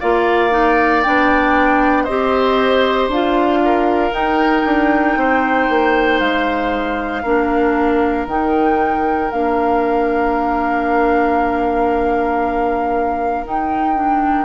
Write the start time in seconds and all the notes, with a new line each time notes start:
0.00 A#3 F4 D5 F5
0.51 D#4
1.03 B3 D4 G5
2.04 C4 G4 C5 D#5
3.08 D4 F4 F5
3.65 A#4
4.12 D#4 G5
4.65 D4
5.17 C4 C5
5.69 A#3
6.20 G#3 F5
7.23 A#3 D4 A#4
8.27 D#3 D#4 G5
9.31 A#3 D4 F5
13.44 D#4 G5
13.95 D4